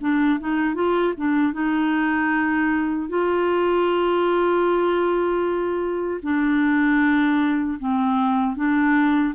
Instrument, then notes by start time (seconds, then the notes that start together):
clarinet
0.00 D4
0.39 D#4
0.74 F4
1.17 D4
1.53 D#4
3.09 F4
6.22 D4
7.79 C4
8.56 D4